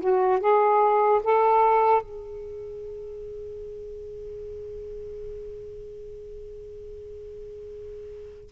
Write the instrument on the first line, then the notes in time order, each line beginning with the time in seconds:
saxophone
0.00 F#4
0.40 G#4
1.23 A4
2.02 G#4